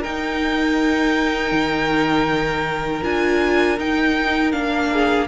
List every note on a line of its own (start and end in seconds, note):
0.00 3.03 D#4
0.00 1.52 D#4
0.00 4.88 A#4
0.00 3.03 G5
1.52 3.02 D#3
3.03 3.79 D4
3.03 3.78 F4
3.03 3.79 G#5
3.79 4.54 D#4
3.79 4.52 D#4
3.79 4.52 G5
4.52 5.28 A#3
4.52 5.27 D4
4.52 5.27 F5
4.93 5.28 G#4